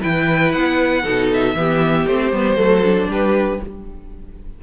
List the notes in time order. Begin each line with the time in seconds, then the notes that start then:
0.00 E3 E4 B4 G5
0.51 B3 F#5
1.03 B2 D#4 A4
1.33 E5
1.54 E3 B3 G4
2.07 A3 C4 C5
2.31 G3 B3
2.56 F#3 A3 A4
2.83 D4
3.08 G3 G4 B4